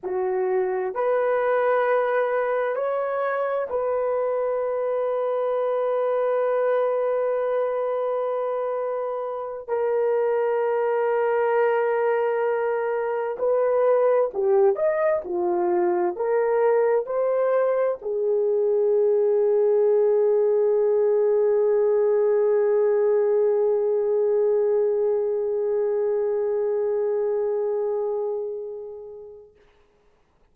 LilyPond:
\new Staff \with { instrumentName = "horn" } { \time 4/4 \tempo 4 = 65 fis'4 b'2 cis''4 | b'1~ | b'2~ b'8 ais'4.~ | ais'2~ ais'8 b'4 g'8 |
dis''8 f'4 ais'4 c''4 gis'8~ | gis'1~ | gis'1~ | gis'1 | }